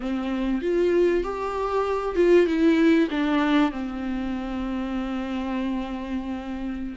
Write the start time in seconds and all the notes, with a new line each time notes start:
0.00 C4
0.61 F4
1.23 G4
2.15 F4
2.46 E4
3.10 D4
3.71 C4